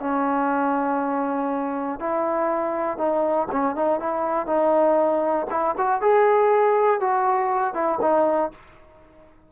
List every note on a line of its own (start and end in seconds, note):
0.00 2.00 C#4
2.00 2.98 E4
2.98 3.48 D#4
3.52 3.76 C#4
3.76 4.00 D#4
4.00 4.47 E4
4.47 5.47 D#4
5.51 5.76 E4
5.78 6.01 F#4
6.01 7.01 G#4
7.01 7.74 F#4
7.74 7.99 E4
8.01 8.51 D#4